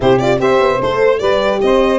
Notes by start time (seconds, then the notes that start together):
0.00 C3 E4 G4 C5
0.18 F4 D5
0.39 C4 G4 C5 E5
0.59 B3
0.81 A3 A4 C5
1.19 G3 G4 B4 D5
1.61 C4 C5 D#5